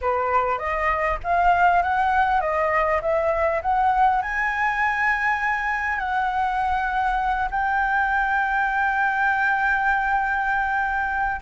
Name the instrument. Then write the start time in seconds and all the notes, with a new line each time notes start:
flute
0.01 B4
0.58 D#5
1.23 F5
1.82 F#5
2.40 D#5
3.01 E5
3.62 F#5
4.21 G#5
5.98 F#5
7.50 G5